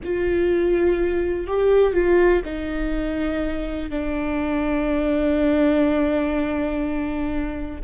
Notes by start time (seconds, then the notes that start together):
0.03 F4
1.47 G4
1.93 F4
2.44 D#4
3.90 D4